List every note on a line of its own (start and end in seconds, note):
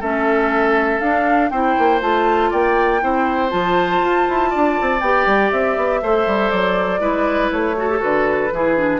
0.00 1.00 A3
0.00 1.02 C#4
0.00 1.50 A4
0.00 1.00 E5
1.00 1.50 D4
1.00 1.53 D4
1.00 1.50 F5
1.50 1.76 C4
1.50 2.01 E4
1.50 2.51 C5
1.50 2.00 G5
1.78 2.02 A#3
2.01 2.52 A3
2.01 3.01 F4
2.01 2.52 A5
2.51 3.03 A#3
2.51 3.01 D5
2.51 3.50 G5
3.01 3.53 C4
3.01 3.50 E4
3.01 4.50 C5
3.50 4.01 F3
3.50 5.00 F4
3.50 5.00 A5
4.01 4.26 F4
4.29 4.54 E4
4.50 4.80 D4
4.50 6.00 D5
4.81 5.01 C4
5.01 5.26 B3
5.01 6.04 G4
5.01 5.51 G5
5.26 5.51 G3
5.51 5.77 C4
5.51 6.50 E5
5.77 6.02 B3
6.02 6.27 A3
6.02 7.00 A4
6.02 7.01 C5
6.27 6.52 G3
6.50 7.00 F#3
6.50 7.50 D5
7.00 7.50 G#3
7.00 7.75 E4
7.00 7.76 B4
7.51 8.02 A3
7.51 8.01 C#5
7.77 7.89 F#4
7.77 8.54 A4
7.90 7.99 G4
7.99 8.52 D3
7.99 8.49 F#4
7.99 9.00 B4
8.52 9.00 E3
8.52 8.77 E4
8.52 9.00 G#4
8.77 9.00 D4